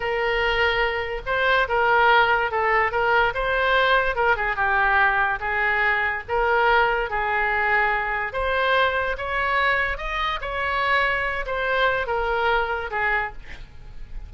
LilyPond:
\new Staff \with { instrumentName = "oboe" } { \time 4/4 \tempo 4 = 144 ais'2. c''4 | ais'2 a'4 ais'4 | c''2 ais'8 gis'8 g'4~ | g'4 gis'2 ais'4~ |
ais'4 gis'2. | c''2 cis''2 | dis''4 cis''2~ cis''8 c''8~ | c''4 ais'2 gis'4 | }